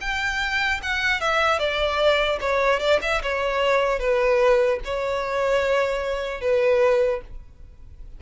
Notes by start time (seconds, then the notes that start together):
0.00 G5
0.83 F#5
1.20 E5
1.59 D5
2.40 C#5
2.79 D5
3.01 E5
3.23 C#5
3.99 B4
4.84 C#5
6.41 B4